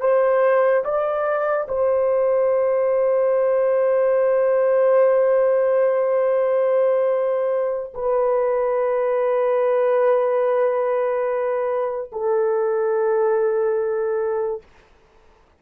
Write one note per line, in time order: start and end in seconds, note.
0.00 0.83 C5
0.84 1.67 D5
1.68 7.93 C5
7.94 12.11 B4
12.12 14.62 A4